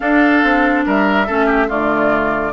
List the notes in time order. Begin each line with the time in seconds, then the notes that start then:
0.00 D4 A4 F5
0.43 C4
0.85 G3 A#4 E5
1.26 A3 C#4 A4
1.45 G4
1.67 D3 A3 F4 D5